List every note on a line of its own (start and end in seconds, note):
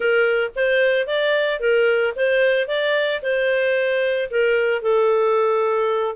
0.00 0.51 A#4
0.55 1.06 C5
1.06 1.59 D5
1.59 2.13 A#4
2.16 2.67 C5
2.67 3.21 D5
3.22 4.29 C5
4.30 4.81 A#4
4.81 6.15 A4